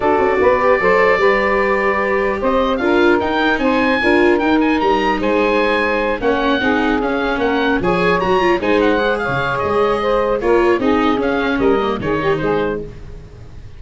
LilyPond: <<
  \new Staff \with { instrumentName = "oboe" } { \time 4/4 \tempo 4 = 150 d''1~ | d''2 dis''4 f''4 | g''4 gis''2 g''8 gis''8 | ais''4 gis''2~ gis''8 fis''8~ |
fis''4. f''4 fis''4 gis''8~ | gis''8 ais''4 gis''8 fis''4 f''4 | dis''2 cis''4 dis''4 | f''4 dis''4 cis''4 c''4 | }
  \new Staff \with { instrumentName = "saxophone" } { \time 4/4 a'4 b'4 c''4 b'4~ | b'2 c''4 ais'4~ | ais'4 c''4 ais'2~ | ais'4 c''2~ c''8 cis''8~ |
cis''8 gis'2 ais'4 cis''8~ | cis''4. c''4. cis''4~ | cis''4 c''4 ais'4 gis'4~ | gis'4 ais'4 gis'8 g'8 gis'4 | }
  \new Staff \with { instrumentName = "viola" } { \time 4/4 fis'4. g'8 a'4 g'4~ | g'2. f'4 | dis'2 f'4 dis'4~ | dis'2.~ dis'8 cis'8~ |
cis'8 dis'4 cis'2 gis'8~ | gis'8 fis'8 f'8 dis'4 gis'4.~ | gis'2 f'4 dis'4 | cis'4. ais8 dis'2 | }
  \new Staff \with { instrumentName = "tuba" } { \time 4/4 d'8 cis'8 b4 fis4 g4~ | g2 c'4 d'4 | dis'4 c'4 d'4 dis'4 | g4 gis2~ gis8 ais8~ |
ais8 c'4 cis'4 ais4 f8~ | f8 fis4 gis4.~ gis16 cis8. | gis2 ais4 c'4 | cis'4 g4 dis4 gis4 | }
>>